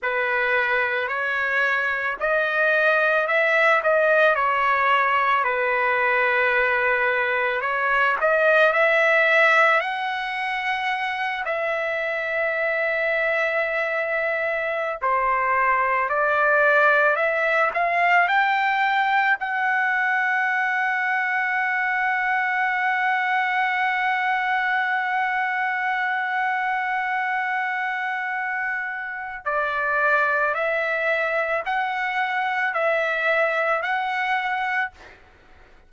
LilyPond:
\new Staff \with { instrumentName = "trumpet" } { \time 4/4 \tempo 4 = 55 b'4 cis''4 dis''4 e''8 dis''8 | cis''4 b'2 cis''8 dis''8 | e''4 fis''4. e''4.~ | e''4.~ e''16 c''4 d''4 e''16~ |
e''16 f''8 g''4 fis''2~ fis''16~ | fis''1~ | fis''2. d''4 | e''4 fis''4 e''4 fis''4 | }